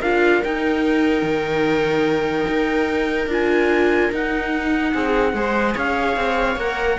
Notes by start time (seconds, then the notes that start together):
0.00 D4 F4 A#4 F5
0.44 D#4 G5
1.22 D#3
2.47 D#4
3.27 D4 F4 G#5
4.11 D#4 F#5
4.94 C4 G#4
5.34 G#3 G#4 C5
5.75 C#4 C#5 F5
6.16 C4
6.56 A#3 A#4 F#5